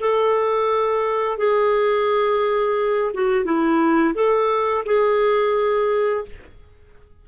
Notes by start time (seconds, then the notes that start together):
0.00 A4
1.38 G#4
3.14 F#4
3.44 E4
4.14 A4
4.86 G#4